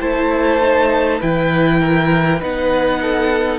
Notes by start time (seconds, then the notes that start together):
0.00 A3 E4 C5 A5
0.61 D#4
1.19 E3 E4 B4 G5
1.79 A#4
2.40 B3 D#4 B4 F#5
3.02 A4